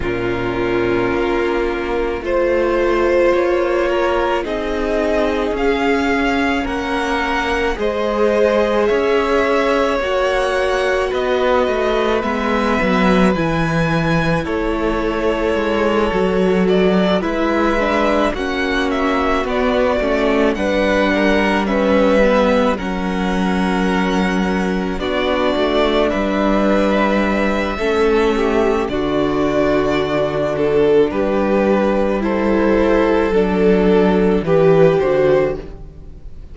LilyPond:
<<
  \new Staff \with { instrumentName = "violin" } { \time 4/4 \tempo 4 = 54 ais'2 c''4 cis''4 | dis''4 f''4 fis''4 dis''4 | e''4 fis''4 dis''4 e''4 | gis''4 cis''2 d''8 e''8~ |
e''8 fis''8 e''8 d''4 fis''4 e''8~ | e''8 fis''2 d''4 e''8~ | e''2 d''4. a'8 | b'4 c''4 a'4 b'8 c''8 | }
  \new Staff \with { instrumentName = "violin" } { \time 4/4 f'2 c''4. ais'8 | gis'2 ais'4 c''4 | cis''2 b'2~ | b'4 a'2~ a'8 b'8~ |
b'8 fis'2 b'8 ais'8 b'8~ | b'8 ais'2 fis'4 b'8~ | b'4 a'8 g'8 fis'2 | g'4 a'2 g'4 | }
  \new Staff \with { instrumentName = "viola" } { \time 4/4 cis'2 f'2 | dis'4 cis'2 gis'4~ | gis'4 fis'2 b4 | e'2~ e'8 fis'4 e'8 |
d'8 cis'4 b8 cis'8 d'4 cis'8 | b8 cis'2 d'4.~ | d'4 cis'4 d'2~ | d'4 e'4 d'4 g'8 fis'8 | }
  \new Staff \with { instrumentName = "cello" } { \time 4/4 ais,4 ais4 a4 ais4 | c'4 cis'4 ais4 gis4 | cis'4 ais4 b8 a8 gis8 fis8 | e4 a4 gis8 fis4 gis8~ |
gis8 ais4 b8 a8 g4.~ | g8 fis2 b8 a8 g8~ | g4 a4 d2 | g2 fis4 e8 d8 | }
>>